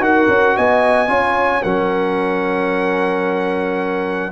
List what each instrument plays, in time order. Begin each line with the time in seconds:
0.00 tuba D#4, trombone F#4, horn A#4, trumpet F#5
0.29 tuba C#4
0.57 tuba B3, horn D#5, trumpet G#5
1.08 tuba C#4, trombone F4, horn C#5
1.63 tuba F#3, trombone C#4, horn A#4, trumpet F#5